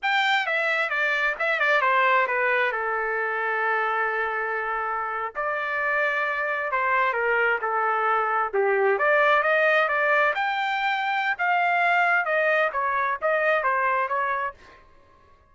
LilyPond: \new Staff \with { instrumentName = "trumpet" } { \time 4/4 \tempo 4 = 132 g''4 e''4 d''4 e''8 d''8 | c''4 b'4 a'2~ | a'2.~ a'8. d''16~ | d''2~ d''8. c''4 ais'16~ |
ais'8. a'2 g'4 d''16~ | d''8. dis''4 d''4 g''4~ g''16~ | g''4 f''2 dis''4 | cis''4 dis''4 c''4 cis''4 | }